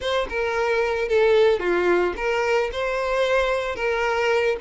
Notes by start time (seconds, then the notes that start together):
0.00 C5
0.29 A#4
1.08 A4
1.59 F4
2.16 A#4
2.72 C5
3.75 A#4